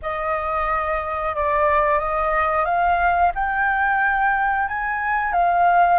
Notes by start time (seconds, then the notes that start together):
0.02 D#5
1.35 D5
1.99 D#5
2.65 F5
3.35 G5
4.68 G#5
5.32 F5